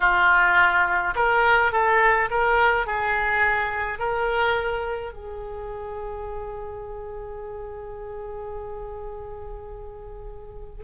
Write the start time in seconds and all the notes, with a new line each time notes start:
0.00 F4
1.15 A#4
1.72 A4
2.30 A#4
2.86 G#4
3.98 A#4
5.13 G#4